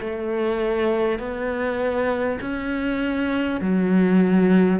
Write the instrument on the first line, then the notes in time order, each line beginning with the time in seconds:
cello
0.00 A3
1.18 B3
2.41 C#4
3.60 F#3